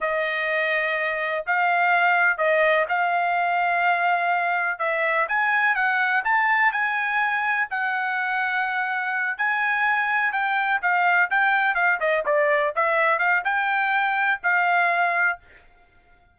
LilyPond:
\new Staff \with { instrumentName = "trumpet" } { \time 4/4 \tempo 4 = 125 dis''2. f''4~ | f''4 dis''4 f''2~ | f''2 e''4 gis''4 | fis''4 a''4 gis''2 |
fis''2.~ fis''8 gis''8~ | gis''4. g''4 f''4 g''8~ | g''8 f''8 dis''8 d''4 e''4 f''8 | g''2 f''2 | }